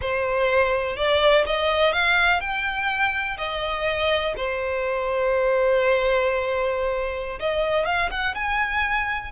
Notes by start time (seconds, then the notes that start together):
0.01 C5
0.96 D5
1.46 D#5
1.92 F5
2.40 G5
3.37 D#5
4.36 C5
7.39 D#5
7.85 F5
8.10 F#5
8.34 G#5